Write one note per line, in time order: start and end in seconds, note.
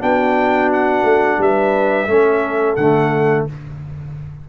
0.00 1.03 B3
0.00 2.07 D4
0.00 1.38 F#4
0.00 0.71 G5
0.72 1.41 F#5
1.03 1.37 A3
1.38 2.07 G3
1.38 2.09 B4
1.38 2.75 E5
2.07 2.76 A3
2.07 2.77 C#4
2.07 3.48 A4
2.75 3.46 D3
2.75 3.49 A3
2.75 3.44 F#5